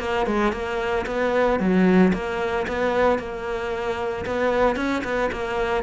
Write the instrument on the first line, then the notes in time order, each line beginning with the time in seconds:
cello
0.00 A#3
0.27 G#3
0.53 A#3
1.07 B3
1.60 F#3
2.14 A#3
2.68 B3
3.19 A#3
4.26 B3
4.76 C#4
5.04 B3
5.32 A#3